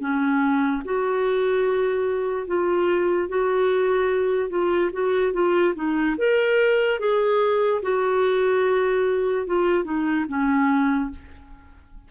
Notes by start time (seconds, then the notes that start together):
0.00 C#4
0.84 F#4
2.47 F4
3.28 F#4
4.49 F4
4.92 F#4
5.33 F4
5.75 D#4
6.17 A#4
6.99 G#4
7.82 F#4
9.46 F4
9.84 D#4
10.28 C#4